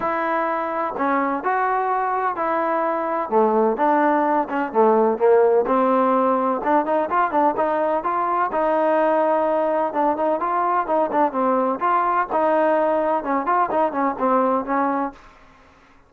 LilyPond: \new Staff \with { instrumentName = "trombone" } { \time 4/4 \tempo 4 = 127 e'2 cis'4 fis'4~ | fis'4 e'2 a4 | d'4. cis'8 a4 ais4 | c'2 d'8 dis'8 f'8 d'8 |
dis'4 f'4 dis'2~ | dis'4 d'8 dis'8 f'4 dis'8 d'8 | c'4 f'4 dis'2 | cis'8 f'8 dis'8 cis'8 c'4 cis'4 | }